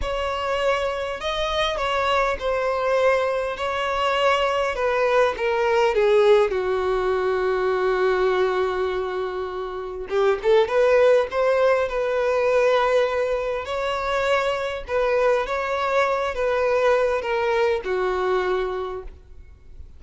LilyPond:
\new Staff \with { instrumentName = "violin" } { \time 4/4 \tempo 4 = 101 cis''2 dis''4 cis''4 | c''2 cis''2 | b'4 ais'4 gis'4 fis'4~ | fis'1~ |
fis'4 g'8 a'8 b'4 c''4 | b'2. cis''4~ | cis''4 b'4 cis''4. b'8~ | b'4 ais'4 fis'2 | }